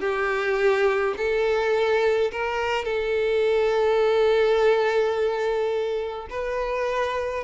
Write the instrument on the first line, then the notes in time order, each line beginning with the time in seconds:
violin
0.00 G4
1.17 A4
2.31 A#4
2.85 A4
6.30 B4